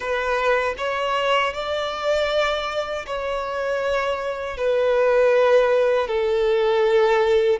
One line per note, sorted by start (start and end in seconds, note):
0.00 0.74 B4
0.77 1.53 C#5
1.53 3.05 D5
3.06 4.57 C#5
4.57 6.07 B4
6.07 7.59 A4